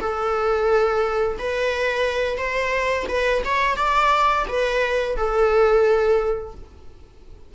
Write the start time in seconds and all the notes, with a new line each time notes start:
0.00 A4
1.39 B4
2.38 C5
3.09 B4
3.45 C#5
3.77 D5
4.48 B4
5.17 A4